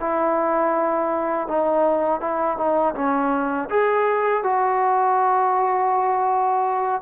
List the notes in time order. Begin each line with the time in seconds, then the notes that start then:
0.00 E4
1.48 D#4
2.21 E4
2.58 D#4
2.95 C#4
3.70 G#4
4.43 F#4